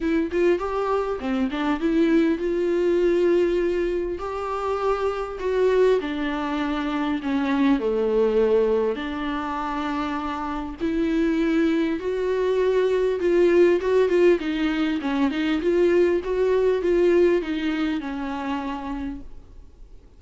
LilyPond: \new Staff \with { instrumentName = "viola" } { \time 4/4 \tempo 4 = 100 e'8 f'8 g'4 c'8 d'8 e'4 | f'2. g'4~ | g'4 fis'4 d'2 | cis'4 a2 d'4~ |
d'2 e'2 | fis'2 f'4 fis'8 f'8 | dis'4 cis'8 dis'8 f'4 fis'4 | f'4 dis'4 cis'2 | }